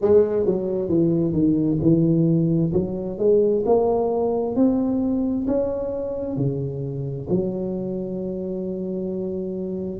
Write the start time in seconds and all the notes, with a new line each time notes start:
0.01 G#3
0.45 F#3
0.88 E3
1.33 D#3
1.81 E3
2.73 F#3
3.18 G#3
3.65 A#3
4.55 C4
5.47 C#4
6.36 C#3
7.29 F#3